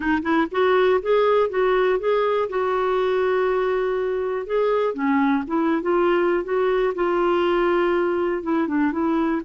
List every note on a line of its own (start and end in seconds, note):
0.00 0.22 D#4
0.22 0.47 E4
0.51 1.00 F#4
1.02 1.49 G#4
1.49 1.99 F#4
1.99 2.48 G#4
2.49 4.46 F#4
4.46 4.94 G#4
4.94 5.43 C#4
5.47 5.82 E4
5.82 6.43 F4
6.43 6.93 F#4
6.94 8.43 F4
8.43 8.67 E4
8.67 8.92 D4
8.92 9.41 E4